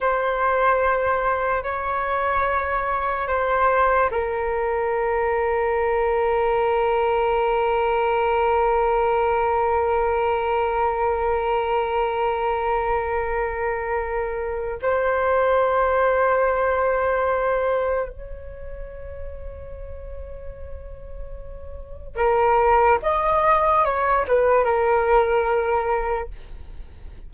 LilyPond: \new Staff \with { instrumentName = "flute" } { \time 4/4 \tempo 4 = 73 c''2 cis''2 | c''4 ais'2.~ | ais'1~ | ais'1~ |
ais'2 c''2~ | c''2 cis''2~ | cis''2. ais'4 | dis''4 cis''8 b'8 ais'2 | }